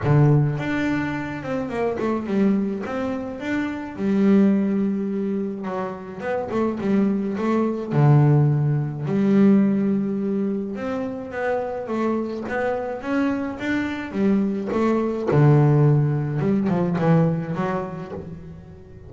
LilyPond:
\new Staff \with { instrumentName = "double bass" } { \time 4/4 \tempo 4 = 106 d4 d'4. c'8 ais8 a8 | g4 c'4 d'4 g4~ | g2 fis4 b8 a8 | g4 a4 d2 |
g2. c'4 | b4 a4 b4 cis'4 | d'4 g4 a4 d4~ | d4 g8 f8 e4 fis4 | }